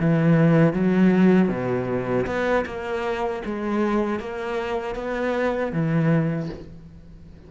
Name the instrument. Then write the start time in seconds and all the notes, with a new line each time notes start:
cello
0.00 E3
0.73 F#3
1.49 B2
2.27 B3
2.66 A#3
3.45 G#3
4.20 A#3
4.95 B3
5.72 E3